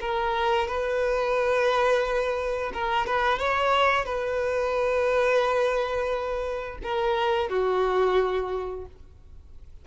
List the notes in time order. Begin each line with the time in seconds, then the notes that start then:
0.00 A#4
0.68 B4
2.73 A#4
3.06 B4
3.38 C#5
4.05 B4
6.83 A#4
7.49 F#4